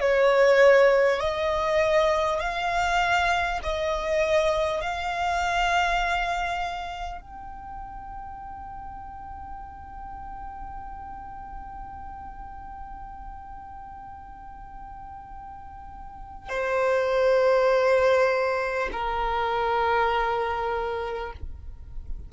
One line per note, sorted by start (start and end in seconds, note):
0.00 1.19 C#5
1.19 2.39 D#5
2.39 3.59 F5
3.63 4.81 D#5
4.81 7.21 F5
7.21 16.49 G5
16.49 18.89 C5
18.92 21.32 A#4